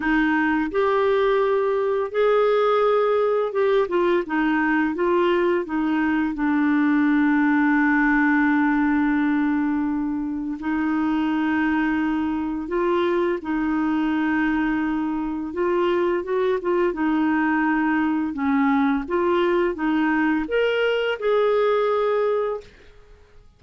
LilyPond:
\new Staff \with { instrumentName = "clarinet" } { \time 4/4 \tempo 4 = 85 dis'4 g'2 gis'4~ | gis'4 g'8 f'8 dis'4 f'4 | dis'4 d'2.~ | d'2. dis'4~ |
dis'2 f'4 dis'4~ | dis'2 f'4 fis'8 f'8 | dis'2 cis'4 f'4 | dis'4 ais'4 gis'2 | }